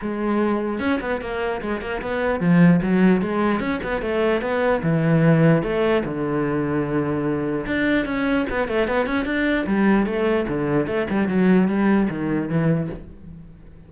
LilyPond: \new Staff \with { instrumentName = "cello" } { \time 4/4 \tempo 4 = 149 gis2 cis'8 b8 ais4 | gis8 ais8 b4 f4 fis4 | gis4 cis'8 b8 a4 b4 | e2 a4 d4~ |
d2. d'4 | cis'4 b8 a8 b8 cis'8 d'4 | g4 a4 d4 a8 g8 | fis4 g4 dis4 e4 | }